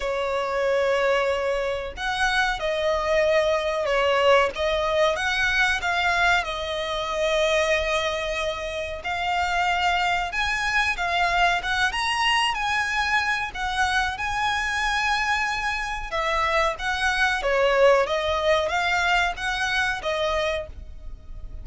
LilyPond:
\new Staff \with { instrumentName = "violin" } { \time 4/4 \tempo 4 = 93 cis''2. fis''4 | dis''2 cis''4 dis''4 | fis''4 f''4 dis''2~ | dis''2 f''2 |
gis''4 f''4 fis''8 ais''4 gis''8~ | gis''4 fis''4 gis''2~ | gis''4 e''4 fis''4 cis''4 | dis''4 f''4 fis''4 dis''4 | }